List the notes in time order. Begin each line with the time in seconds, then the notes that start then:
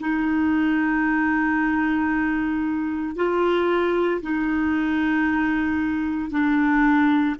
0.00 D#4
3.16 F4
4.22 D#4
6.31 D4